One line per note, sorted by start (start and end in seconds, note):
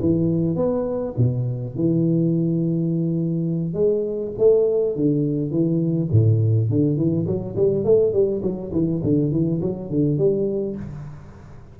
0.00 0.56 E3
0.56 1.14 B3
1.17 1.75 B2
1.75 3.73 E3
3.73 4.31 G#3
4.38 4.95 A3
4.95 5.50 D3
5.50 6.08 E3
6.11 6.69 A2
6.69 6.96 D3
6.96 7.26 E3
7.26 7.55 F#3
7.55 7.84 G3
7.84 8.12 A3
8.12 8.41 G3
8.42 8.71 F#3
8.72 9.01 E3
9.03 9.31 D3
9.31 9.60 E3
9.61 9.89 F#3
9.89 10.18 D3
10.18 10.76 G3